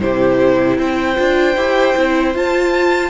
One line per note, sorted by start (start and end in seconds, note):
0.00 0.78 C3
0.00 1.16 E4
0.00 0.78 G4
0.00 0.78 C5
0.78 1.17 C4
0.78 3.10 C5
0.78 2.37 G5
1.16 1.56 D4
1.16 1.55 F4
1.56 1.95 E4
1.56 1.96 G4
1.96 2.34 C4
1.96 2.35 E4
2.34 3.10 F4
2.34 3.10 A5